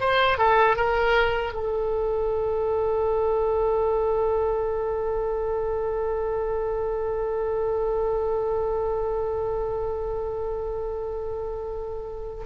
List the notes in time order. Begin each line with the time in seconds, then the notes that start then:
0.00 C5
0.38 A4
0.76 A#4
1.53 A4